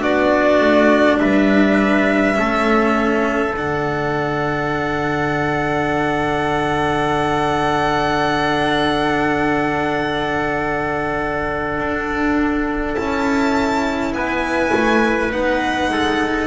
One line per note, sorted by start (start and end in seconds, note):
0.00 0.60 B3
0.00 2.34 D4
0.00 1.18 F#4
0.00 1.20 D5
0.60 1.19 A3
1.19 2.38 G3
1.19 2.37 B4
1.19 3.55 E5
2.34 3.56 A3
2.34 3.52 C#4
2.34 14.14 A4
3.56 11.78 D3
3.56 12.96 D4
3.56 12.95 F#5
11.78 12.95 D4
12.95 14.13 C#4
12.95 15.31 E4
12.95 14.12 A5
14.13 14.72 B3
14.13 15.92 B4
14.13 15.31 G#5
14.74 15.32 A3
15.32 15.89 B3
15.32 16.47 D#4
15.32 16.47 F#5
15.89 16.47 G#3
15.89 16.47 A4